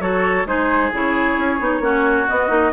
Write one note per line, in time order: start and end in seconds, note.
0.00 0.45 F#3
0.00 0.46 F#4
0.00 0.47 A4
0.00 0.46 C#5
0.45 0.91 G#3
0.45 0.91 D#4
0.45 1.83 G#4
0.45 0.92 C5
0.92 1.37 C#3
0.92 1.60 E4
0.92 2.29 C#5
1.37 1.60 C#4
1.60 1.80 B3
1.60 1.82 D#4
1.80 2.25 A#3
1.80 2.27 C#4
1.80 2.73 F#4
2.28 2.48 B3
2.28 2.49 B3
2.28 2.73 D#5
2.48 2.72 A#3
2.48 2.71 D#4